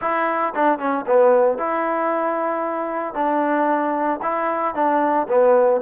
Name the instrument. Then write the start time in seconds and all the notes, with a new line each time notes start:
trombone
0.01 E4
0.55 D4
0.78 C#4
1.06 B3
1.58 E4
3.14 D4
4.22 E4
4.74 D4
5.28 B3